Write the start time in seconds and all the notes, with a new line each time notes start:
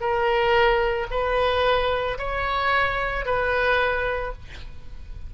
0.00 A#4
1.11 B4
2.18 C#5
3.25 B4